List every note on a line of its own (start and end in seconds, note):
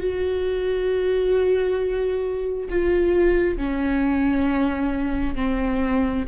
0.00 2.69 F#4
2.70 3.57 F4
3.57 5.36 C#4
5.36 6.25 C4